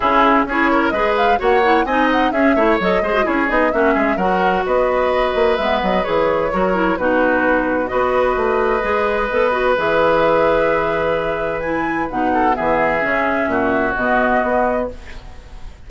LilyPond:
<<
  \new Staff \with { instrumentName = "flute" } { \time 4/4 \tempo 4 = 129 gis'4 cis''4 dis''8 f''8 fis''4 | gis''8 fis''8 e''4 dis''4 cis''8 dis''8 | e''4 fis''4 dis''2 | e''8 dis''8 cis''2 b'4~ |
b'4 dis''2.~ | dis''4 e''2.~ | e''4 gis''4 fis''4 e''4~ | e''2 dis''2 | }
  \new Staff \with { instrumentName = "oboe" } { \time 4/4 e'4 gis'8 ais'8 b'4 cis''4 | dis''4 gis'8 cis''4 c''8 gis'4 | fis'8 gis'8 ais'4 b'2~ | b'2 ais'4 fis'4~ |
fis'4 b'2.~ | b'1~ | b'2~ b'8 a'8 gis'4~ | gis'4 fis'2. | }
  \new Staff \with { instrumentName = "clarinet" } { \time 4/4 cis'4 e'4 gis'4 fis'8 e'8 | dis'4 cis'8 e'8 a'8 gis'16 fis'16 e'8 dis'8 | cis'4 fis'2. | b4 gis'4 fis'8 e'8 dis'4~ |
dis'4 fis'2 gis'4 | a'8 fis'8 gis'2.~ | gis'4 e'4 dis'4 b4 | cis'2 b2 | }
  \new Staff \with { instrumentName = "bassoon" } { \time 4/4 cis4 cis'4 gis4 ais4 | c'4 cis'8 a8 fis8 gis8 cis'8 b8 | ais8 gis8 fis4 b4. ais8 | gis8 fis8 e4 fis4 b,4~ |
b,4 b4 a4 gis4 | b4 e2.~ | e2 b,4 e4 | cis4 ais,4 b,4 b4 | }
>>